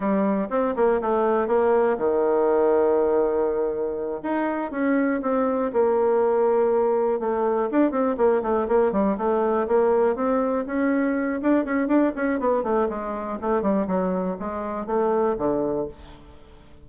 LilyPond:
\new Staff \with { instrumentName = "bassoon" } { \time 4/4 \tempo 4 = 121 g4 c'8 ais8 a4 ais4 | dis1~ | dis8 dis'4 cis'4 c'4 ais8~ | ais2~ ais8 a4 d'8 |
c'8 ais8 a8 ais8 g8 a4 ais8~ | ais8 c'4 cis'4. d'8 cis'8 | d'8 cis'8 b8 a8 gis4 a8 g8 | fis4 gis4 a4 d4 | }